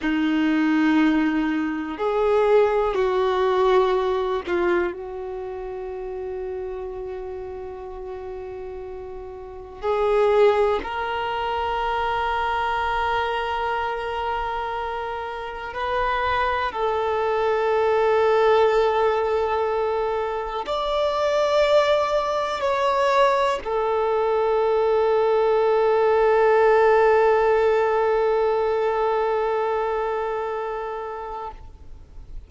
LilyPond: \new Staff \with { instrumentName = "violin" } { \time 4/4 \tempo 4 = 61 dis'2 gis'4 fis'4~ | fis'8 f'8 fis'2.~ | fis'2 gis'4 ais'4~ | ais'1 |
b'4 a'2.~ | a'4 d''2 cis''4 | a'1~ | a'1 | }